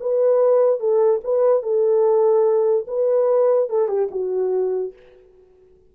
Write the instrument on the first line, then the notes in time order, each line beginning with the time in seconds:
horn
0.00 B4
0.79 A4
1.24 B4
1.63 A4
2.87 B4
3.69 A4
3.88 G4
4.11 F#4